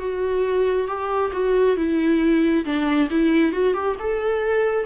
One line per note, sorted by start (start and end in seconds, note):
0.00 0.88 F#4
0.88 1.32 G4
1.33 1.77 F#4
1.77 2.65 E4
2.66 3.10 D4
3.11 3.53 E4
3.53 3.74 F#4
3.74 3.96 G4
4.00 4.86 A4